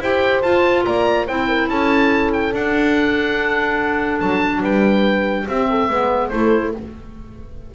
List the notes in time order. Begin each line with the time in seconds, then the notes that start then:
0.00 E4 G4 C5 G5
0.42 F4 A5
0.85 A#3 D5 A#5
1.27 C4 E4 C5 G5
1.48 A#4
1.69 C#4 A4 A5
2.33 G5
2.53 D4 F#5
4.20 F#3 A5
4.61 G3 B4 G5
5.47 C4 G4 E5
5.70 A4
5.90 G#3 B3 B4
6.29 A3 E4 A4 C5